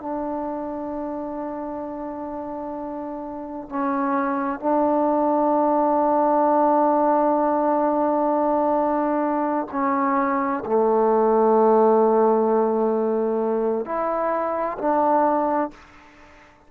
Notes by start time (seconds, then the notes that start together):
0.00 D4
3.70 C#4
4.60 D4
9.72 C#4
10.66 A3
13.85 E4
14.79 D4